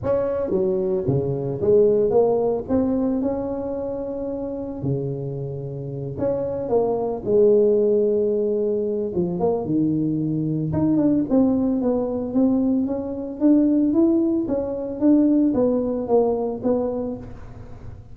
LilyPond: \new Staff \with { instrumentName = "tuba" } { \time 4/4 \tempo 4 = 112 cis'4 fis4 cis4 gis4 | ais4 c'4 cis'2~ | cis'4 cis2~ cis8 cis'8~ | cis'8 ais4 gis2~ gis8~ |
gis4 f8 ais8 dis2 | dis'8 d'8 c'4 b4 c'4 | cis'4 d'4 e'4 cis'4 | d'4 b4 ais4 b4 | }